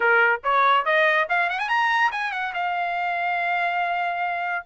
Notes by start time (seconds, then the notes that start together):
0.00 A#4
0.43 C#5
0.85 D#5
1.29 F5
1.49 F#5
1.59 G#5
1.68 A#5
2.11 G#5
2.32 F#5
2.54 F5